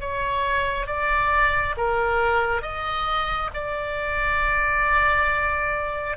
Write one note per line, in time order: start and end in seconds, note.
0.00 0.87 C#5
0.87 1.75 D5
1.77 2.62 A#4
2.62 3.50 D#5
3.54 6.17 D5